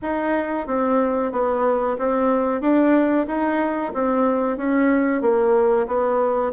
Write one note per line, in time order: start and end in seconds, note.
0.02 0.67 D#4
0.67 1.32 C4
1.32 1.97 B3
1.98 2.61 C4
2.61 3.26 D4
3.27 3.92 D#4
3.94 4.57 C4
4.57 5.21 C#4
5.21 5.87 A#3
5.87 6.52 B3